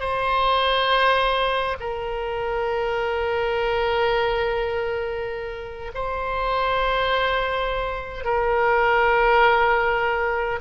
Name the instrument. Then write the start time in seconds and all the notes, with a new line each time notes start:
oboe
0.00 C5
1.80 A#4
5.94 C5
8.25 A#4